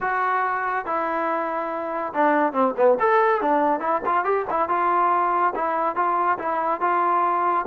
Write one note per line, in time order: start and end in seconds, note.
0.00 0.85 F#4
0.85 2.13 E4
2.13 2.52 D4
2.52 2.74 C4
2.76 2.97 B3
2.99 3.41 A4
3.41 3.79 D4
3.79 4.01 E4
4.05 4.24 F4
4.24 4.45 G4
4.50 4.68 E4
4.68 5.53 F4
5.55 5.95 E4
5.95 6.38 F4
6.38 6.80 E4
6.80 7.65 F4